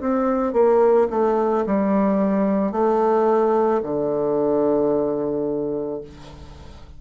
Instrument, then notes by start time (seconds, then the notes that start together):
bassoon
0.00 C4
0.53 A#3
1.10 A3
1.66 G3
2.72 A3
3.82 D3